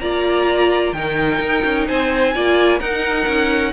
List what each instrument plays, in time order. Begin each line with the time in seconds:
0.00 cello A#3, viola F4, violin D5 A#5
0.92 cello D#3, viola D#4, violin A#4 G5
1.40 cello D#4
1.64 cello C#4
1.87 cello C4, violin C5 G#5
2.34 cello A#3, viola F4, violin D5
2.79 viola D#4, cello D#4, violin A#4 F#5
3.27 cello C#4